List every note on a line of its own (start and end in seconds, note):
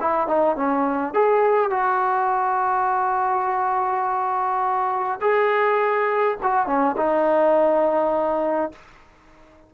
0.00 0.27 E4
0.27 0.56 D#4
0.56 1.14 C#4
1.14 1.70 G#4
1.70 5.20 F#4
5.21 6.37 G#4
6.42 6.67 F#4
6.67 6.96 C#4
6.97 8.72 D#4